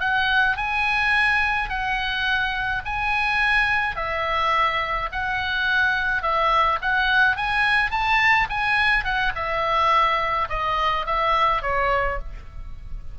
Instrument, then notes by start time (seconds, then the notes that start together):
oboe
0.00 F#5
0.57 G#5
1.69 F#5
2.85 G#5
3.96 E5
5.12 F#5
6.22 E5
6.82 F#5
7.37 G#5
7.91 A5
8.50 G#5
9.04 F#5
9.35 E5
10.49 D#5
11.06 E5
11.62 C#5